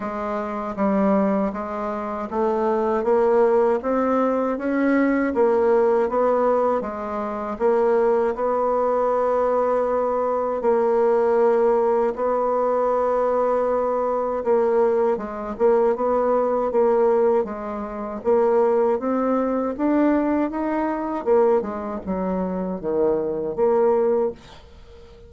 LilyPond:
\new Staff \with { instrumentName = "bassoon" } { \time 4/4 \tempo 4 = 79 gis4 g4 gis4 a4 | ais4 c'4 cis'4 ais4 | b4 gis4 ais4 b4~ | b2 ais2 |
b2. ais4 | gis8 ais8 b4 ais4 gis4 | ais4 c'4 d'4 dis'4 | ais8 gis8 fis4 dis4 ais4 | }